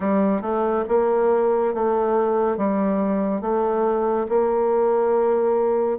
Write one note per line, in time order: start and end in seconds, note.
0.00 0.41 G3
0.41 0.84 A3
0.88 1.74 A#3
1.74 2.57 A3
2.57 3.41 G3
3.41 4.26 A3
4.29 5.98 A#3